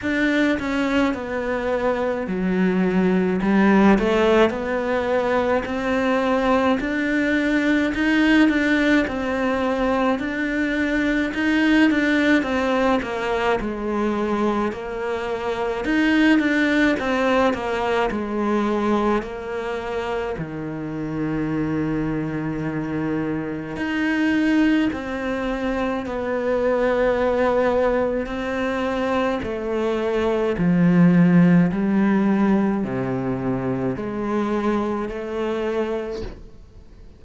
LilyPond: \new Staff \with { instrumentName = "cello" } { \time 4/4 \tempo 4 = 53 d'8 cis'8 b4 fis4 g8 a8 | b4 c'4 d'4 dis'8 d'8 | c'4 d'4 dis'8 d'8 c'8 ais8 | gis4 ais4 dis'8 d'8 c'8 ais8 |
gis4 ais4 dis2~ | dis4 dis'4 c'4 b4~ | b4 c'4 a4 f4 | g4 c4 gis4 a4 | }